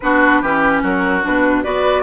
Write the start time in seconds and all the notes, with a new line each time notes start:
0.00 B3 D4 F#4 B4
0.41 E3 C#4 G4
0.82 F#3 F#4 A#4
1.23 B2 D4 B4
1.63 B3 F#4 B4 D5